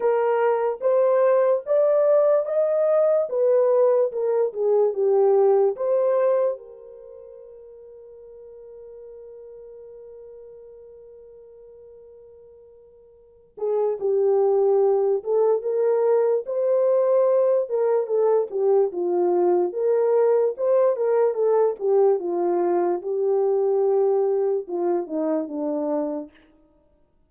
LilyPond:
\new Staff \with { instrumentName = "horn" } { \time 4/4 \tempo 4 = 73 ais'4 c''4 d''4 dis''4 | b'4 ais'8 gis'8 g'4 c''4 | ais'1~ | ais'1~ |
ais'8 gis'8 g'4. a'8 ais'4 | c''4. ais'8 a'8 g'8 f'4 | ais'4 c''8 ais'8 a'8 g'8 f'4 | g'2 f'8 dis'8 d'4 | }